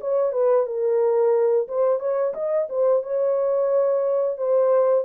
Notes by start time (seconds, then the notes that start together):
0.00 C#5
0.32 B4
0.66 A#4
1.68 C5
1.99 C#5
2.34 D#5
2.69 C5
3.02 C#5
4.37 C5